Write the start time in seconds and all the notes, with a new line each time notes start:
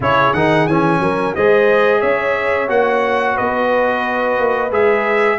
0.00 C#3 E4 G#4 C#5
0.33 D#3 D#4 F#5
0.67 E3 C#4 G#5
0.99 F#3 A#4
1.35 G#3 G#4 C5 D#5
2.00 C#4 C#5 E5
2.67 A#3 F#4 F#5
3.35 B3 B4 D#5
4.38 A#3
4.71 G#3 G#4 E5